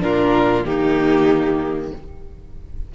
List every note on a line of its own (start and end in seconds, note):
0.00 0.64 A#2
0.00 0.64 D4
0.00 0.67 F4
0.00 0.65 A#4
0.64 1.92 D#3
0.64 1.92 A#3
0.64 1.95 D#4
0.64 1.92 G4